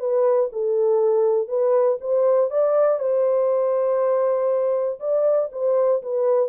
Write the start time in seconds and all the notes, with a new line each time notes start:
0.00 B4
0.53 A4
1.48 B4
2.01 C5
2.51 D5
3.00 C5
5.00 D5
5.52 C5
6.03 B4